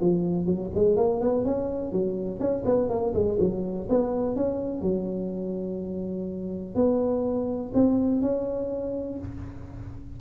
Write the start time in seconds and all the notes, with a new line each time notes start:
0.00 F3
0.46 F#3
0.74 G#3
0.96 A#3
1.21 B3
1.45 C#4
1.92 F#3
2.39 C#4
2.65 B3
2.89 A#3
3.14 G#3
3.39 F#3
3.89 B3
4.36 C#4
4.81 F#3
6.75 B3
7.74 C4
8.21 C#4